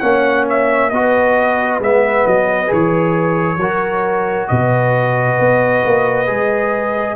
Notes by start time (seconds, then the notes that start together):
0.00 A#3 C#4 C#5 F#5
0.50 E5
0.90 B3 F#4 B4 D#5
1.80 G#3 B3 E5
2.26 F#3 D#5
2.67 E3 G#4 C#5
3.57 F#3 F#4 A#4
4.48 B2 B4 D#5
5.39 B3
5.85 A#3
6.27 G#3 G#4